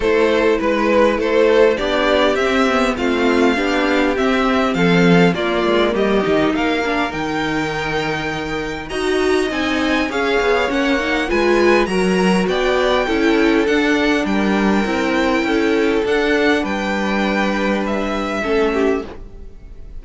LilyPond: <<
  \new Staff \with { instrumentName = "violin" } { \time 4/4 \tempo 4 = 101 c''4 b'4 c''4 d''4 | e''4 f''2 e''4 | f''4 d''4 dis''4 f''4 | g''2. ais''4 |
gis''4 f''4 fis''4 gis''4 | ais''4 g''2 fis''4 | g''2. fis''4 | g''2 e''2 | }
  \new Staff \with { instrumentName = "violin" } { \time 4/4 a'4 b'4 a'4 g'4~ | g'4 f'4 g'2 | a'4 f'4 g'4 ais'4~ | ais'2. dis''4~ |
dis''4 cis''2 b'4 | ais'4 d''4 a'2 | ais'2 a'2 | b'2. a'8 g'8 | }
  \new Staff \with { instrumentName = "viola" } { \time 4/4 e'2. d'4 | c'8 b8 c'4 d'4 c'4~ | c'4 ais4. dis'4 d'8 | dis'2. fis'4 |
dis'4 gis'4 cis'8 dis'8 f'4 | fis'2 e'4 d'4~ | d'4 e'2 d'4~ | d'2. cis'4 | }
  \new Staff \with { instrumentName = "cello" } { \time 4/4 a4 gis4 a4 b4 | c'4 a4 b4 c'4 | f4 ais8 gis8 g8 dis8 ais4 | dis2. dis'4 |
c'4 cis'8 b8 ais4 gis4 | fis4 b4 cis'4 d'4 | g4 c'4 cis'4 d'4 | g2. a4 | }
>>